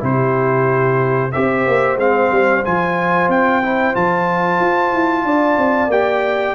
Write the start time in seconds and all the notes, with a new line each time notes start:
0.00 C3 E4 G4 C5
1.32 C4 G4 C5 E5
1.67 A#3
1.96 G#3 C4 F5
2.31 G3
2.65 F3 F4 G#5
3.28 C4 G5
3.63 E4
3.93 F3 F4 A5
4.60 F4
4.92 E4
5.24 D4 D5
5.58 C4
5.87 A#3 G4 G5